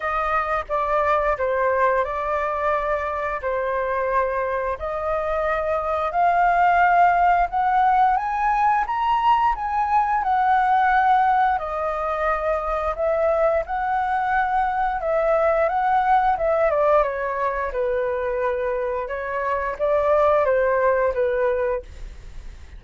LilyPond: \new Staff \with { instrumentName = "flute" } { \time 4/4 \tempo 4 = 88 dis''4 d''4 c''4 d''4~ | d''4 c''2 dis''4~ | dis''4 f''2 fis''4 | gis''4 ais''4 gis''4 fis''4~ |
fis''4 dis''2 e''4 | fis''2 e''4 fis''4 | e''8 d''8 cis''4 b'2 | cis''4 d''4 c''4 b'4 | }